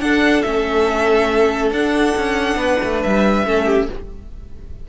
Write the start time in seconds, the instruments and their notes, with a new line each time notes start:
0.00 cello D4, viola D4, violin A4 F#5
0.42 cello A3, viola C#4, violin E5
1.71 cello D4, viola D4, violin F#5
2.17 cello C#4
2.56 cello B3, violin B4
2.83 cello A3
3.03 cello G3, violin E5
3.46 cello A3, viola C#4, violin A4
3.65 violin G4